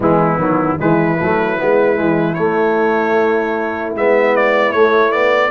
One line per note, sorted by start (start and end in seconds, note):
0.00 0.37 E3
0.00 0.39 G#3
0.00 0.78 B3
0.00 0.80 E4
0.37 0.76 D#3
0.37 0.78 F#3
0.78 1.20 E3
0.78 1.18 G#3
0.78 5.50 E4
0.78 2.34 B4
1.19 1.61 F#3
1.19 1.58 A3
1.58 1.99 G#3
1.58 1.95 B3
1.95 2.38 E3
1.95 2.35 G#3
2.34 3.96 A3
2.34 3.95 A3
2.34 3.92 C#5
3.95 4.73 G#3
3.95 4.73 B3
3.95 4.36 E5
4.36 4.72 D5
4.72 5.11 A3
4.72 5.50 A3
4.72 5.11 C#5
5.11 5.50 B3
5.11 5.50 D5